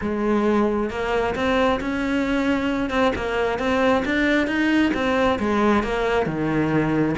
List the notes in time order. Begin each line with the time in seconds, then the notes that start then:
0.01 G#3
0.90 A#3
1.35 C4
1.80 C#4
2.90 C4
3.15 A#3
3.58 C4
4.05 D4
4.47 D#4
4.94 C4
5.39 G#3
5.83 A#3
6.26 D#3